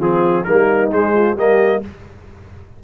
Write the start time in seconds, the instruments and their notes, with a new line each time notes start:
0.00 tuba F3, trombone C4, horn F4, trumpet G#4
0.44 tuba G3, trombone A#3, horn D#4, trumpet A#4
0.91 tuba G#3, trombone G#3, trumpet C5
1.14 horn F4
1.35 tuba G3, trombone A#3, horn G4, trumpet D#5